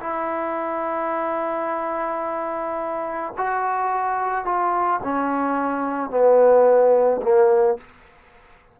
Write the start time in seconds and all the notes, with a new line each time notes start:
0.00 E4
3.37 F#4
4.45 F4
5.03 C#4
6.10 B3
7.22 A#3